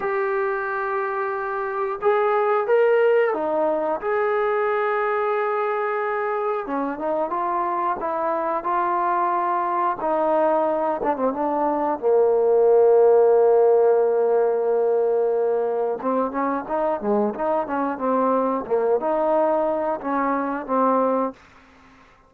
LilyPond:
\new Staff \with { instrumentName = "trombone" } { \time 4/4 \tempo 4 = 90 g'2. gis'4 | ais'4 dis'4 gis'2~ | gis'2 cis'8 dis'8 f'4 | e'4 f'2 dis'4~ |
dis'8 d'16 c'16 d'4 ais2~ | ais1 | c'8 cis'8 dis'8 gis8 dis'8 cis'8 c'4 | ais8 dis'4. cis'4 c'4 | }